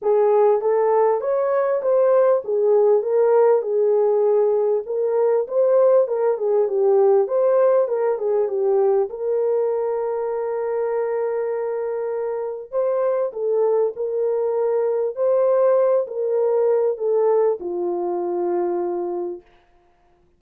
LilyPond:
\new Staff \with { instrumentName = "horn" } { \time 4/4 \tempo 4 = 99 gis'4 a'4 cis''4 c''4 | gis'4 ais'4 gis'2 | ais'4 c''4 ais'8 gis'8 g'4 | c''4 ais'8 gis'8 g'4 ais'4~ |
ais'1~ | ais'4 c''4 a'4 ais'4~ | ais'4 c''4. ais'4. | a'4 f'2. | }